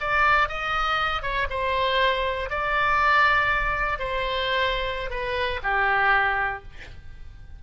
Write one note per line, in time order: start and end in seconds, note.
0.00 0.48 D5
0.48 1.22 D#5
1.22 1.47 C#5
1.50 2.50 C5
2.50 3.99 D5
3.99 5.10 C5
5.10 5.60 B4
5.62 6.62 G4